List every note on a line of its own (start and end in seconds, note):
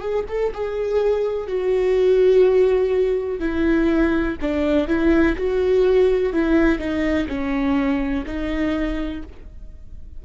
0.00 0.24 G#4
0.28 0.52 A4
0.54 1.47 G#4
1.47 3.39 F#4
3.39 4.36 E4
4.41 4.87 D4
4.87 5.36 E4
5.37 6.33 F#4
6.33 6.78 E4
6.78 7.27 D#4
7.28 8.24 C#4
8.26 9.22 D#4